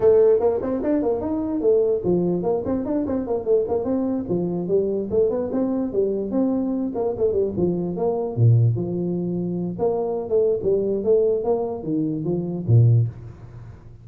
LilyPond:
\new Staff \with { instrumentName = "tuba" } { \time 4/4 \tempo 4 = 147 a4 ais8 c'8 d'8 ais8 dis'4 | a4 f4 ais8 c'8 d'8 c'8 | ais8 a8 ais8 c'4 f4 g8~ | g8 a8 b8 c'4 g4 c'8~ |
c'4 ais8 a8 g8 f4 ais8~ | ais8 ais,4 f2~ f8 | ais4~ ais16 a8. g4 a4 | ais4 dis4 f4 ais,4 | }